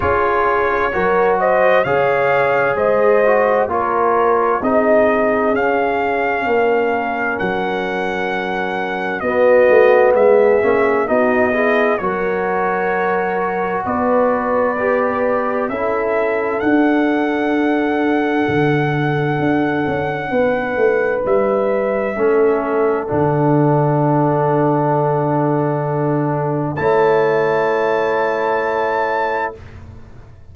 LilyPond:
<<
  \new Staff \with { instrumentName = "trumpet" } { \time 4/4 \tempo 4 = 65 cis''4. dis''8 f''4 dis''4 | cis''4 dis''4 f''2 | fis''2 dis''4 e''4 | dis''4 cis''2 d''4~ |
d''4 e''4 fis''2~ | fis''2. e''4~ | e''4 fis''2.~ | fis''4 a''2. | }
  \new Staff \with { instrumentName = "horn" } { \time 4/4 gis'4 ais'8 c''8 cis''4 c''4 | ais'4 gis'2 ais'4~ | ais'2 fis'4 gis'4 | fis'8 gis'8 ais'2 b'4~ |
b'4 a'2.~ | a'2 b'2 | a'1~ | a'4 cis''2. | }
  \new Staff \with { instrumentName = "trombone" } { \time 4/4 f'4 fis'4 gis'4. fis'8 | f'4 dis'4 cis'2~ | cis'2 b4. cis'8 | dis'8 e'8 fis'2. |
g'4 e'4 d'2~ | d'1 | cis'4 d'2.~ | d'4 e'2. | }
  \new Staff \with { instrumentName = "tuba" } { \time 4/4 cis'4 fis4 cis4 gis4 | ais4 c'4 cis'4 ais4 | fis2 b8 a8 gis8 ais8 | b4 fis2 b4~ |
b4 cis'4 d'2 | d4 d'8 cis'8 b8 a8 g4 | a4 d2.~ | d4 a2. | }
>>